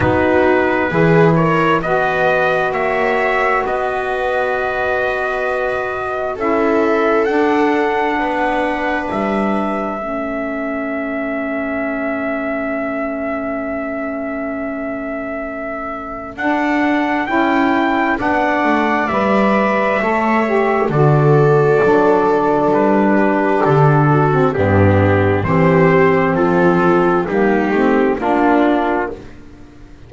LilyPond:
<<
  \new Staff \with { instrumentName = "trumpet" } { \time 4/4 \tempo 4 = 66 b'4. cis''8 dis''4 e''4 | dis''2. e''4 | fis''2 e''2~ | e''1~ |
e''2 fis''4 g''4 | fis''4 e''2 d''4~ | d''4 b'4 a'4 g'4 | c''4 a'4 g'4 f'4 | }
  \new Staff \with { instrumentName = "viola" } { \time 4/4 fis'4 gis'8 ais'8 b'4 cis''4 | b'2. a'4~ | a'4 b'2 a'4~ | a'1~ |
a'1 | d''2 cis''4 a'4~ | a'4. g'4 fis'8 d'4 | g'4 f'4 dis'4 d'4 | }
  \new Staff \with { instrumentName = "saxophone" } { \time 4/4 dis'4 e'4 fis'2~ | fis'2. e'4 | d'2. cis'4~ | cis'1~ |
cis'2 d'4 e'4 | d'4 b'4 a'8 g'8 fis'4 | d'2~ d'8. c'16 b4 | c'2 ais8 c'8 d'4 | }
  \new Staff \with { instrumentName = "double bass" } { \time 4/4 b4 e4 b4 ais4 | b2. cis'4 | d'4 b4 g4 a4~ | a1~ |
a2 d'4 cis'4 | b8 a8 g4 a4 d4 | fis4 g4 d4 g,4 | e4 f4 g8 a8 ais4 | }
>>